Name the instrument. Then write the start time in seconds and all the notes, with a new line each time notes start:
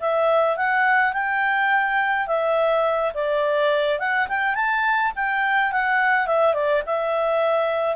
clarinet
0.00 E5
0.57 F#5
1.13 G5
2.27 E5
3.14 D5
3.99 F#5
4.29 G5
4.55 A5
5.16 G5
5.72 F#5
6.27 E5
6.54 D5
6.86 E5